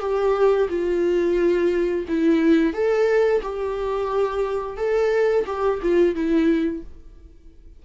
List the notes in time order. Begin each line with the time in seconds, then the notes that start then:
0.00 G4
0.69 F4
2.09 E4
2.74 A4
3.42 G4
4.77 A4
5.46 G4
5.82 F4
6.15 E4